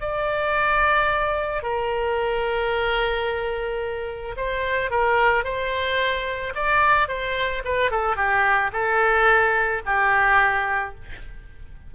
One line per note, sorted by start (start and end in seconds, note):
0.00 1.62 D5
1.62 4.35 A#4
4.36 4.90 C5
4.90 5.44 A#4
5.44 6.53 C5
6.54 7.08 D5
7.08 7.62 C5
7.64 7.91 B4
7.91 8.16 A4
8.16 8.70 G4
8.72 9.81 A4
9.85 10.94 G4